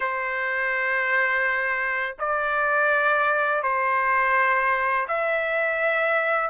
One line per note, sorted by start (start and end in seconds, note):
0.00 2.16 C5
2.19 3.62 D5
3.62 5.07 C5
5.08 6.50 E5